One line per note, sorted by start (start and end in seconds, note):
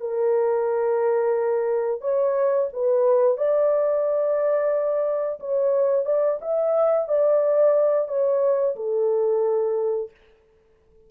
0.00 2.01 A#4
2.01 2.68 C#5
2.73 3.37 B4
3.37 5.39 D5
5.39 6.05 C#5
6.05 6.39 D5
6.41 7.08 E5
7.08 8.08 D5
8.08 8.75 C#5
8.75 10.10 A4